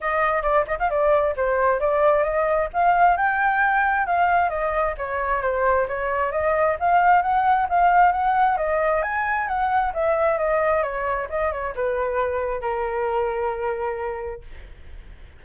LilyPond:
\new Staff \with { instrumentName = "flute" } { \time 4/4 \tempo 4 = 133 dis''4 d''8 dis''16 f''16 d''4 c''4 | d''4 dis''4 f''4 g''4~ | g''4 f''4 dis''4 cis''4 | c''4 cis''4 dis''4 f''4 |
fis''4 f''4 fis''4 dis''4 | gis''4 fis''4 e''4 dis''4 | cis''4 dis''8 cis''8 b'2 | ais'1 | }